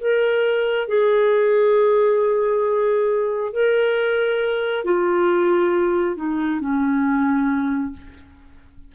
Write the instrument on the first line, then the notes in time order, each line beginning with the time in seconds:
clarinet
0.00 A#4
0.88 G#4
3.53 A#4
4.85 F4
6.16 D#4
6.61 C#4